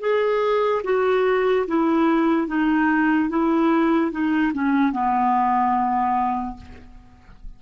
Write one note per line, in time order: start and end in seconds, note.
0.00 0.82 G#4
0.84 1.66 F#4
1.67 2.47 E4
2.47 3.29 D#4
3.29 4.11 E4
4.11 4.52 D#4
4.54 4.92 C#4
4.92 6.56 B3